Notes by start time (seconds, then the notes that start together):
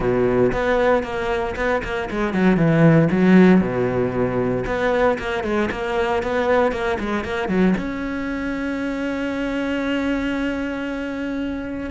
0.00 B2
0.52 B3
1.03 A#3
1.56 B3
1.83 A#3
2.10 G#3
2.33 F#3
2.56 E3
3.11 F#3
3.60 B2
4.66 B3
5.18 A#3
5.43 G#3
5.71 A#3
6.23 B3
6.72 A#3
6.99 G#3
7.24 A#3
7.48 F#3
7.77 C#4